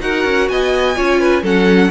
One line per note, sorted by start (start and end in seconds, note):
0.00 0.24 D#4
0.00 0.95 F#4
0.00 0.50 A#4
0.00 0.48 F#5
0.24 0.48 C#4
0.48 0.96 B3
0.48 0.96 D#5
0.48 1.43 G#5
0.95 1.42 C#4
0.95 1.43 F4
0.95 1.19 C#5
1.19 1.42 B4
1.42 1.90 F#3
1.42 1.90 C#4
1.42 1.90 A4
1.42 1.90 F#5